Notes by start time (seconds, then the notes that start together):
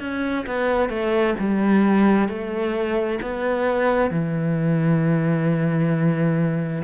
0.00 C#4
0.46 B3
0.89 A3
1.39 G3
2.28 A3
3.21 B3
4.10 E3